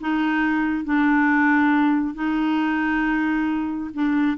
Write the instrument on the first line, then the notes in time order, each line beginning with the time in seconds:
clarinet
0.00 D#4
0.84 D4
2.14 D#4
3.93 D4